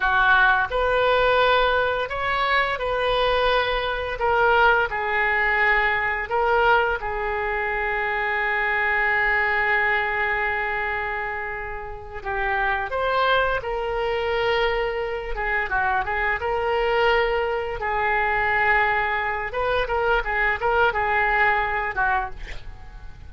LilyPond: \new Staff \with { instrumentName = "oboe" } { \time 4/4 \tempo 4 = 86 fis'4 b'2 cis''4 | b'2 ais'4 gis'4~ | gis'4 ais'4 gis'2~ | gis'1~ |
gis'4. g'4 c''4 ais'8~ | ais'2 gis'8 fis'8 gis'8 ais'8~ | ais'4. gis'2~ gis'8 | b'8 ais'8 gis'8 ais'8 gis'4. fis'8 | }